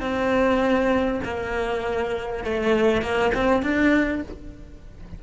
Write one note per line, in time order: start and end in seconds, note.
0.00 1.20 C4
1.24 2.44 A#3
2.44 3.02 A3
3.02 3.32 A#3
3.34 3.62 C4
3.62 4.22 D4